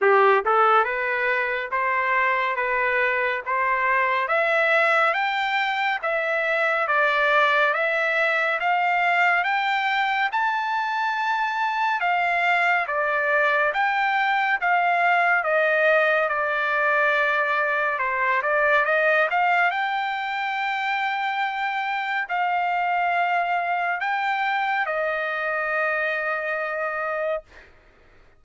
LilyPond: \new Staff \with { instrumentName = "trumpet" } { \time 4/4 \tempo 4 = 70 g'8 a'8 b'4 c''4 b'4 | c''4 e''4 g''4 e''4 | d''4 e''4 f''4 g''4 | a''2 f''4 d''4 |
g''4 f''4 dis''4 d''4~ | d''4 c''8 d''8 dis''8 f''8 g''4~ | g''2 f''2 | g''4 dis''2. | }